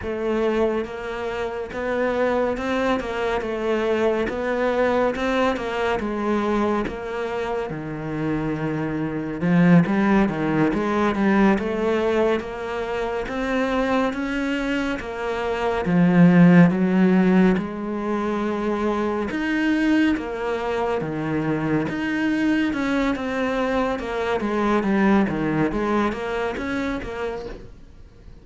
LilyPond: \new Staff \with { instrumentName = "cello" } { \time 4/4 \tempo 4 = 70 a4 ais4 b4 c'8 ais8 | a4 b4 c'8 ais8 gis4 | ais4 dis2 f8 g8 | dis8 gis8 g8 a4 ais4 c'8~ |
c'8 cis'4 ais4 f4 fis8~ | fis8 gis2 dis'4 ais8~ | ais8 dis4 dis'4 cis'8 c'4 | ais8 gis8 g8 dis8 gis8 ais8 cis'8 ais8 | }